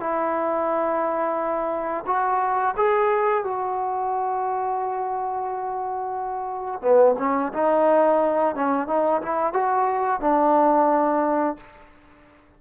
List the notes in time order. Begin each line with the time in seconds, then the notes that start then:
0.00 E4
2.07 F#4
2.77 G#4
3.44 F#4
6.82 B3
7.18 C#4
7.53 D#4
8.55 C#4
8.88 D#4
9.22 E4
9.54 F#4
10.21 D4